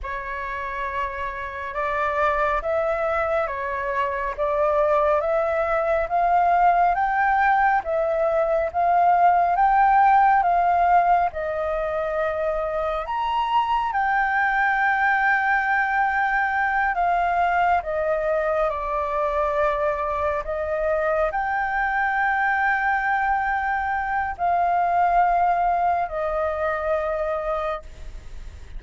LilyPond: \new Staff \with { instrumentName = "flute" } { \time 4/4 \tempo 4 = 69 cis''2 d''4 e''4 | cis''4 d''4 e''4 f''4 | g''4 e''4 f''4 g''4 | f''4 dis''2 ais''4 |
g''2.~ g''8 f''8~ | f''8 dis''4 d''2 dis''8~ | dis''8 g''2.~ g''8 | f''2 dis''2 | }